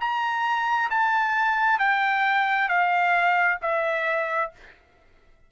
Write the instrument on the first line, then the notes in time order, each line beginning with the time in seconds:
trumpet
0.00 A#5
0.90 A5
1.79 G5
2.69 F5
3.62 E5